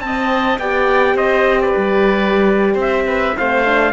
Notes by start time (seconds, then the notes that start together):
0.00 C4 D#5 A5
0.59 B3 G4 D5 G5
1.15 C4 C5 D#5
1.61 B4 D5
1.76 G3
2.74 C4 C5
2.81 E5
3.06 B4
3.38 A3 C4 C5 F5
3.65 D4